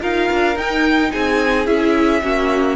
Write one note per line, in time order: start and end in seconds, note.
0.00 0.30 D#4
0.00 0.55 F4
0.00 1.11 A#4
0.00 0.58 F5
0.32 0.56 D4
0.56 1.11 D#4
0.56 1.66 D#4
0.56 1.12 G5
1.12 1.67 C4
1.12 2.22 G#4
1.12 1.66 G#5
1.66 2.22 C#4
1.66 2.21 E4
1.66 2.76 E5
2.22 2.76 A#3
2.22 2.76 C#4
2.22 2.76 F#4